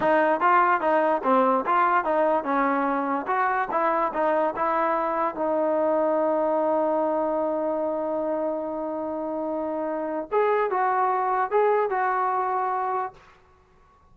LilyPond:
\new Staff \with { instrumentName = "trombone" } { \time 4/4 \tempo 4 = 146 dis'4 f'4 dis'4 c'4 | f'4 dis'4 cis'2 | fis'4 e'4 dis'4 e'4~ | e'4 dis'2.~ |
dis'1~ | dis'1~ | dis'4 gis'4 fis'2 | gis'4 fis'2. | }